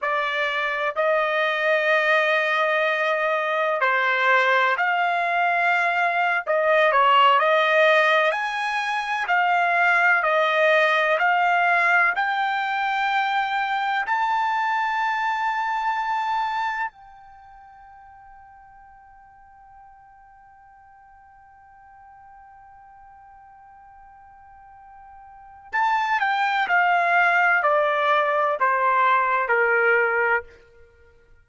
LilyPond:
\new Staff \with { instrumentName = "trumpet" } { \time 4/4 \tempo 4 = 63 d''4 dis''2. | c''4 f''4.~ f''16 dis''8 cis''8 dis''16~ | dis''8. gis''4 f''4 dis''4 f''16~ | f''8. g''2 a''4~ a''16~ |
a''4.~ a''16 g''2~ g''16~ | g''1~ | g''2. a''8 g''8 | f''4 d''4 c''4 ais'4 | }